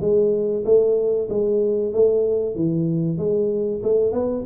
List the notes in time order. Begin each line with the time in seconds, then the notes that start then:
0.00 G#3
0.64 A3
1.29 G#3
1.93 A3
2.55 E3
3.17 G#3
3.83 A3
4.12 B3